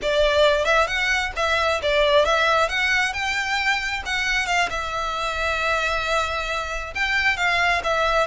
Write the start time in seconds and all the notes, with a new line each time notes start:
0.02 D5
0.65 E5
0.87 F#5
1.36 E5
1.82 D5
2.25 E5
2.69 F#5
3.13 G5
4.05 F#5
4.46 F5
4.70 E5
6.94 G5
7.36 F5
7.83 E5